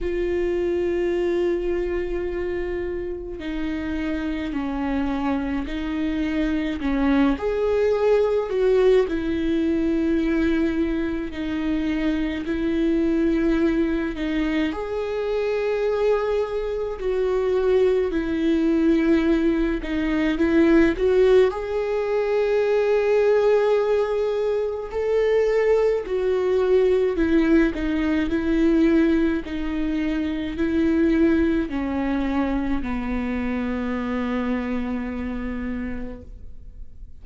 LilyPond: \new Staff \with { instrumentName = "viola" } { \time 4/4 \tempo 4 = 53 f'2. dis'4 | cis'4 dis'4 cis'8 gis'4 fis'8 | e'2 dis'4 e'4~ | e'8 dis'8 gis'2 fis'4 |
e'4. dis'8 e'8 fis'8 gis'4~ | gis'2 a'4 fis'4 | e'8 dis'8 e'4 dis'4 e'4 | cis'4 b2. | }